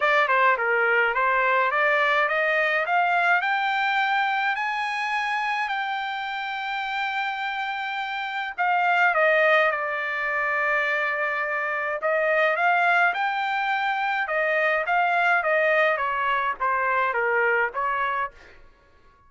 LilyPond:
\new Staff \with { instrumentName = "trumpet" } { \time 4/4 \tempo 4 = 105 d''8 c''8 ais'4 c''4 d''4 | dis''4 f''4 g''2 | gis''2 g''2~ | g''2. f''4 |
dis''4 d''2.~ | d''4 dis''4 f''4 g''4~ | g''4 dis''4 f''4 dis''4 | cis''4 c''4 ais'4 cis''4 | }